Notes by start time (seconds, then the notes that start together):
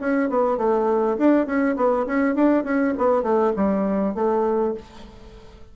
0.00 C#4
0.29 B3
0.57 A3
1.17 D4
1.46 C#4
1.76 B3
2.06 C#4
2.35 D4
2.64 C#4
2.98 B3
3.23 A3
3.56 G3
4.14 A3